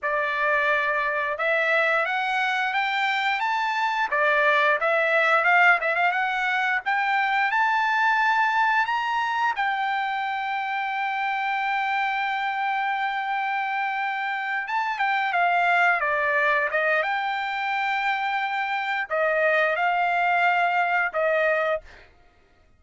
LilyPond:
\new Staff \with { instrumentName = "trumpet" } { \time 4/4 \tempo 4 = 88 d''2 e''4 fis''4 | g''4 a''4 d''4 e''4 | f''8 e''16 f''16 fis''4 g''4 a''4~ | a''4 ais''4 g''2~ |
g''1~ | g''4. a''8 g''8 f''4 d''8~ | d''8 dis''8 g''2. | dis''4 f''2 dis''4 | }